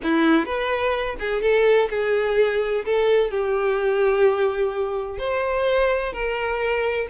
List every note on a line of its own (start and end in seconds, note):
0.03 0.45 E4
0.45 1.16 B4
1.19 1.41 G#4
1.41 1.89 A4
1.90 2.84 G#4
2.85 3.30 A4
3.30 5.18 G4
5.18 6.12 C5
6.12 7.07 A#4